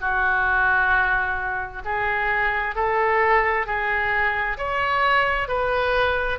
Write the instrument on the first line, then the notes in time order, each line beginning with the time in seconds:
oboe
0.00 F#4
1.84 G#4
2.75 A4
3.66 G#4
4.57 C#5
5.48 B4